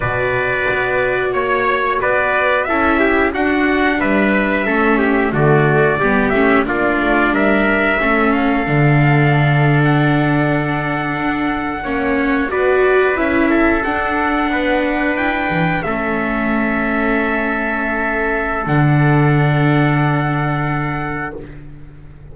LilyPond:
<<
  \new Staff \with { instrumentName = "trumpet" } { \time 4/4 \tempo 4 = 90 d''2 cis''4 d''4 | e''4 fis''4 e''2 | d''4. e''8 d''4 e''4~ | e''8 f''2~ f''16 fis''4~ fis''16~ |
fis''2~ fis''8. d''4 e''16~ | e''8. fis''2 g''4 e''16~ | e''1 | fis''1 | }
  \new Staff \with { instrumentName = "trumpet" } { \time 4/4 b'2 cis''4 b'4 | a'8 g'8 fis'4 b'4 a'8 g'8 | fis'4 g'4 f'4 ais'4 | a'1~ |
a'4.~ a'16 cis''4 b'4~ b'16~ | b'16 a'4. b'2 a'16~ | a'1~ | a'1 | }
  \new Staff \with { instrumentName = "viola" } { \time 4/4 fis'1 | e'4 d'2 cis'4 | a4 b8 cis'8 d'2 | cis'4 d'2.~ |
d'4.~ d'16 cis'4 fis'4 e'16~ | e'8. d'2. cis'16~ | cis'1 | d'1 | }
  \new Staff \with { instrumentName = "double bass" } { \time 4/4 b,4 b4 ais4 b4 | cis'4 d'4 g4 a4 | d4 g8 a8 ais8 a8 g4 | a4 d2.~ |
d8. d'4 ais4 b4 cis'16~ | cis'8. d'4 b4 e'8 e8 a16~ | a1 | d1 | }
>>